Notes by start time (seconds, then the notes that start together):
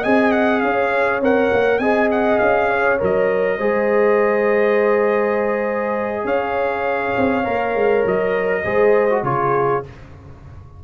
0.00 C4 G#4 D#5 G#5
0.32 F#5
0.61 C#4 C#5 F5
1.21 C4 A#4 F#5
1.53 A#3
1.79 C4 G#4 D#5 G#5
2.11 F#5
2.39 C#4 F5
2.70 C#5
2.99 F#3 A#4 D#5
3.58 G#3 G#4 C5
6.24 C#4 C#5 F5
7.17 C4
7.44 A#3 A#4
7.75 G#3
8.06 F#3 D#5
8.64 G#3 G#4 C5
9.10 F#4
9.23 C#3 F4 G#4 C#5